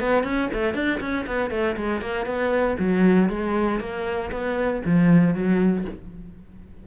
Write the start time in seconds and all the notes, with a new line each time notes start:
0.00 B3
0.24 C#4
0.53 A3
0.74 D4
1.01 C#4
1.27 B3
1.51 A3
1.77 G#3
2.01 A#3
2.26 B3
2.79 F#3
3.29 G#3
3.80 A#3
4.32 B3
4.85 F3
5.34 F#3